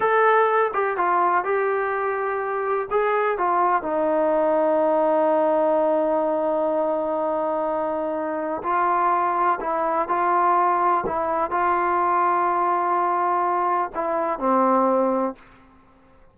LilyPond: \new Staff \with { instrumentName = "trombone" } { \time 4/4 \tempo 4 = 125 a'4. g'8 f'4 g'4~ | g'2 gis'4 f'4 | dis'1~ | dis'1~ |
dis'2 f'2 | e'4 f'2 e'4 | f'1~ | f'4 e'4 c'2 | }